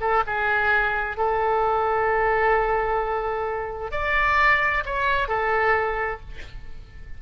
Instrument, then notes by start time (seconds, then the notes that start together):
oboe
0.00 A4
0.26 G#4
1.17 A4
3.91 D5
4.85 C#5
5.28 A4